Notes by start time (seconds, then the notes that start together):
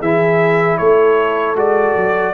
0.00 E3 E4 G#4 E5
0.78 A3 A4 C#5
1.55 G#3 F#4 D5
1.96 F#3